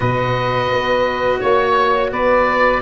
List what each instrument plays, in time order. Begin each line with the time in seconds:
0.00 tuba B2, cello F#4, saxophone B4, oboe D#5
0.71 tuba B3
1.40 tuba A#3, oboe C#5, saxophone C#5
2.11 tuba B3, saxophone B4, oboe D5